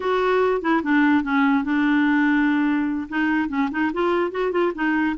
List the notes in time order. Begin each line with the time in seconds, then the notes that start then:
0.00 F#4
0.61 E4
0.83 D4
1.23 C#4
1.64 D4
3.09 D#4
3.48 C#4
3.71 D#4
3.93 F4
4.31 F#4
4.51 F4
4.74 D#4